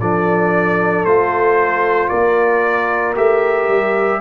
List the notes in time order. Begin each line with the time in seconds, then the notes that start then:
0.00 F3 D4 A4 D5
1.05 A3 F4 C5
2.09 A#3 A#4 D5
3.16 A3 G4 E5
3.69 G3